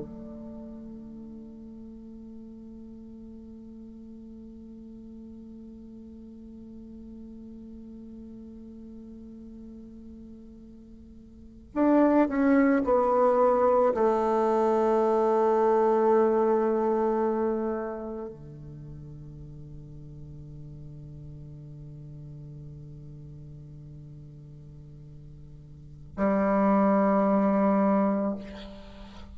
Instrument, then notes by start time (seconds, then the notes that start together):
bassoon
0.00 A3
11.75 D4
12.29 C#4
12.85 B3
13.94 A3
18.29 D3
26.17 G3